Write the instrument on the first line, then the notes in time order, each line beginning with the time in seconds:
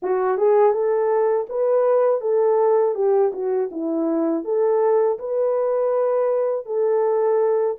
horn
0.02 F#4
0.37 G#4
0.72 A4
1.49 B4
2.20 A4
2.94 G4
3.32 F#4
3.71 E4
4.44 A4
5.19 B4
6.65 A4